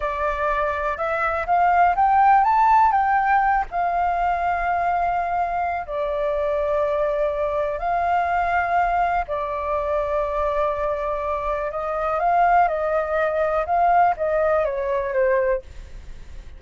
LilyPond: \new Staff \with { instrumentName = "flute" } { \time 4/4 \tempo 4 = 123 d''2 e''4 f''4 | g''4 a''4 g''4. f''8~ | f''1 | d''1 |
f''2. d''4~ | d''1 | dis''4 f''4 dis''2 | f''4 dis''4 cis''4 c''4 | }